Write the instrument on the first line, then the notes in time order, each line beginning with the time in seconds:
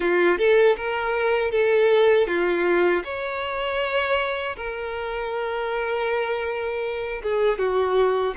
violin
0.00 F4
0.38 A4
0.76 A#4
1.51 A4
2.27 F4
3.04 C#5
4.56 A#4
7.22 G#4
7.58 F#4